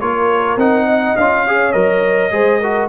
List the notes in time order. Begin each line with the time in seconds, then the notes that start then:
0.00 A#3 F4 A#4 C#5
0.56 C4 D#4 F#5
0.85 D#5
1.16 C#4 F4 F5
1.46 G#4 C#5
1.72 F#3 A#4 D#5
2.31 G#3 G#4 C5
2.60 F#4 A#4